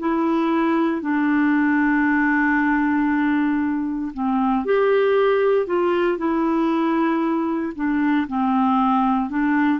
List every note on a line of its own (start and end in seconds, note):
0.00 1.02 E4
1.02 4.12 D4
4.14 4.66 C4
4.66 5.67 G4
5.67 6.18 F4
6.18 7.74 E4
7.76 8.28 D4
8.28 9.31 C4
9.31 9.80 D4